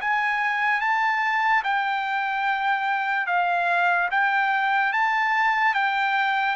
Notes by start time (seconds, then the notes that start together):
0.00 G#5
0.80 A5
1.64 G5
3.27 F5
4.11 G5
4.92 A5
5.74 G5